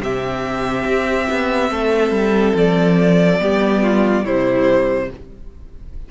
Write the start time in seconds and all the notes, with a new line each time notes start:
0.00 C3 C4 G4 E5
0.85 C4
1.29 B3
1.71 A3 A4
2.11 G3
2.55 F3 D5
3.40 G3 B3 G4
3.83 F4
4.24 C3 G3 E4 C5